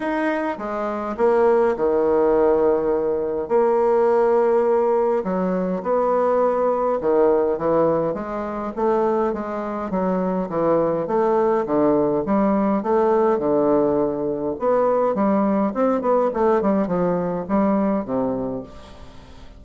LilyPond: \new Staff \with { instrumentName = "bassoon" } { \time 4/4 \tempo 4 = 103 dis'4 gis4 ais4 dis4~ | dis2 ais2~ | ais4 fis4 b2 | dis4 e4 gis4 a4 |
gis4 fis4 e4 a4 | d4 g4 a4 d4~ | d4 b4 g4 c'8 b8 | a8 g8 f4 g4 c4 | }